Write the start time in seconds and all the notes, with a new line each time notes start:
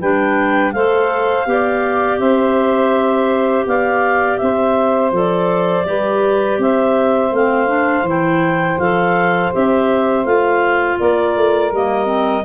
0.00 G3 D4 B4 G5
0.72 A3 A4 C5 F5
1.46 B3 G4 D5
2.19 C4 C5 E5
3.67 B3 D5 F5
4.37 C4 C5 E5
5.11 F3 A4 D5
5.84 G3 G4 B4
6.58 C4 C5 E5
7.32 A3 C4 F5
7.67 D4
8.03 E3 E4
8.10 G5
8.79 F3 A4 F5
9.53 C4 G4 E5
10.25 A3 F4 F5
10.98 A#3 A#4 D5
11.36 A3
11.72 G3 A#3 D#5
12.05 C4